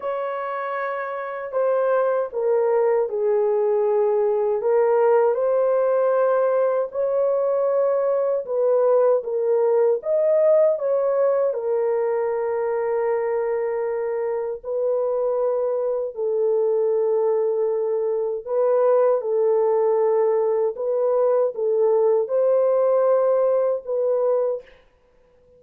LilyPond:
\new Staff \with { instrumentName = "horn" } { \time 4/4 \tempo 4 = 78 cis''2 c''4 ais'4 | gis'2 ais'4 c''4~ | c''4 cis''2 b'4 | ais'4 dis''4 cis''4 ais'4~ |
ais'2. b'4~ | b'4 a'2. | b'4 a'2 b'4 | a'4 c''2 b'4 | }